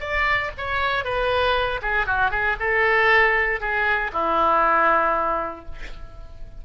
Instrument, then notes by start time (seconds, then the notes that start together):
oboe
0.00 D5
0.58 C#5
1.04 B4
1.82 G#4
2.06 F#4
2.31 G#4
2.60 A4
3.60 G#4
4.13 E4